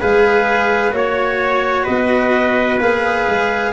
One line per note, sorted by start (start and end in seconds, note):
0.00 0.91 G#3
0.00 0.91 G#4
0.00 0.94 B4
0.00 0.93 F5
0.91 1.85 A#3
0.91 2.78 F#4
0.91 1.86 C#5
0.91 1.83 C#5
1.83 2.79 B3
1.83 3.71 B4
1.83 2.79 D#5
2.79 3.26 A#3
2.79 3.73 G#4
2.79 3.73 F5
3.28 3.73 G#3